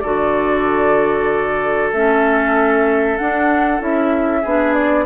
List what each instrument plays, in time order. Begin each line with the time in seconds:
0.00 bassoon D3, clarinet F#4, oboe A4, flute D5
1.93 bassoon A3, clarinet C#4, flute E5
3.18 clarinet D4, bassoon D4, flute F#5
3.80 bassoon C#4, clarinet E4, flute E5
4.42 bassoon B3, clarinet D4, oboe G#4
4.74 flute D5